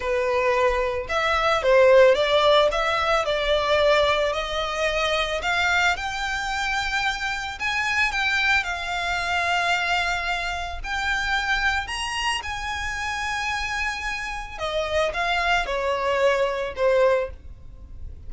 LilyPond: \new Staff \with { instrumentName = "violin" } { \time 4/4 \tempo 4 = 111 b'2 e''4 c''4 | d''4 e''4 d''2 | dis''2 f''4 g''4~ | g''2 gis''4 g''4 |
f''1 | g''2 ais''4 gis''4~ | gis''2. dis''4 | f''4 cis''2 c''4 | }